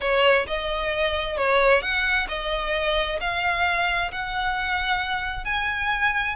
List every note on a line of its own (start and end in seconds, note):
0.01 0.46 C#5
0.46 1.37 D#5
1.37 1.82 C#5
1.82 2.27 F#5
2.28 3.19 D#5
3.20 4.11 F5
4.11 5.44 F#5
5.44 6.35 G#5